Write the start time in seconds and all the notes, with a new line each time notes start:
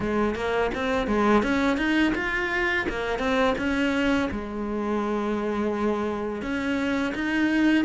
0.00 G#3
0.35 A#3
0.74 C4
1.07 G#3
1.43 C#4
1.77 D#4
2.14 F4
2.89 A#3
3.18 C4
3.57 C#4
4.31 G#3
6.42 C#4
7.14 D#4